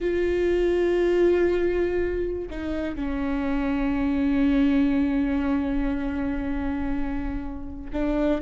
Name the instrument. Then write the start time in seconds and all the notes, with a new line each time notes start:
viola
0.00 F4
2.50 D#4
2.95 C#4
7.92 D4